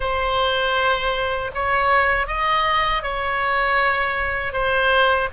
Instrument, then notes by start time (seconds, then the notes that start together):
oboe
0.00 C5
1.54 C#5
2.27 D#5
3.02 C#5
4.53 C5